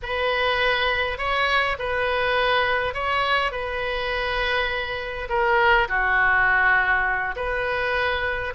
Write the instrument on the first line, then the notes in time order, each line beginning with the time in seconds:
oboe
0.02 B4
1.17 C#5
1.78 B4
2.94 C#5
3.51 B4
5.29 A#4
5.88 F#4
7.36 B4